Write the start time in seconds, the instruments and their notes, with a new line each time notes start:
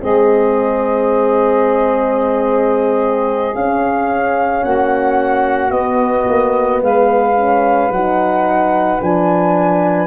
0.00 tuba G#3, horn C4, saxophone G#4, flute D#5
3.54 tuba C#4, horn C#4, flute F5
4.63 tuba A#3, saxophone F#4, flute F#5
5.70 tuba B3, horn B3, flute D#5
6.28 tuba A#3
6.82 tuba G#3, saxophone B4, flute F5
7.36 horn C#4
7.90 tuba F#3, horn D#4, flute F#5
9.00 tuba F3, horn D4, flute G#5